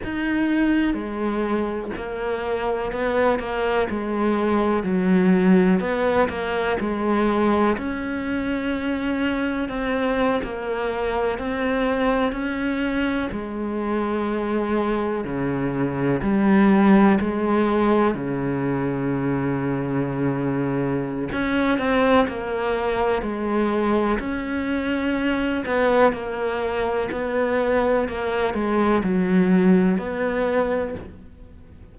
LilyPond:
\new Staff \with { instrumentName = "cello" } { \time 4/4 \tempo 4 = 62 dis'4 gis4 ais4 b8 ais8 | gis4 fis4 b8 ais8 gis4 | cis'2 c'8. ais4 c'16~ | c'8. cis'4 gis2 cis16~ |
cis8. g4 gis4 cis4~ cis16~ | cis2 cis'8 c'8 ais4 | gis4 cis'4. b8 ais4 | b4 ais8 gis8 fis4 b4 | }